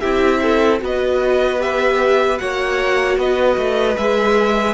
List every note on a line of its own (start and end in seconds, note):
0.00 0.81 C4
0.00 0.80 E4
0.00 0.40 G4
0.00 0.79 E5
0.42 0.81 A4
0.80 2.39 B3
0.80 1.59 F#4
0.80 2.41 B4
0.80 1.62 D#5
1.59 2.38 G4
1.59 2.38 E5
2.38 3.17 A#3
2.38 3.96 F#4
2.38 3.19 C#5
2.38 3.17 F#5
3.17 3.57 B3
3.17 4.74 B4
3.17 3.97 D#5
3.57 3.97 A3
3.97 4.74 G#3
3.97 4.74 G#4
3.97 4.74 E5